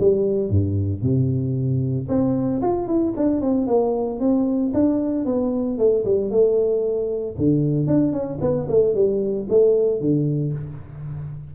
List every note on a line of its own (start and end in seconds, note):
0.00 0.50 G3
0.50 1.03 G2
1.03 2.08 C3
2.09 2.61 C4
2.62 2.88 F4
2.88 3.14 E4
3.17 3.41 D4
3.41 3.67 C4
3.67 4.20 A#3
4.20 4.73 C4
4.74 5.26 D4
5.26 5.78 B3
5.78 6.05 A3
6.05 6.31 G3
6.31 7.36 A3
7.38 7.87 D3
7.87 8.13 D4
8.13 8.39 C#4
8.41 8.68 B3
8.69 8.95 A3
8.95 9.48 G3
9.50 10.01 A3
10.01 10.53 D3